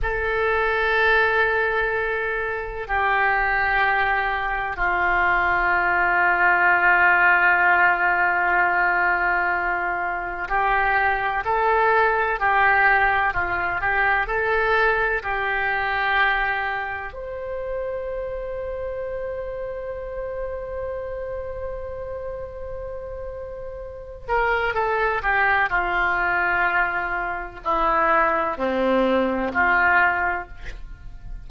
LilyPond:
\new Staff \with { instrumentName = "oboe" } { \time 4/4 \tempo 4 = 63 a'2. g'4~ | g'4 f'2.~ | f'2. g'4 | a'4 g'4 f'8 g'8 a'4 |
g'2 c''2~ | c''1~ | c''4. ais'8 a'8 g'8 f'4~ | f'4 e'4 c'4 f'4 | }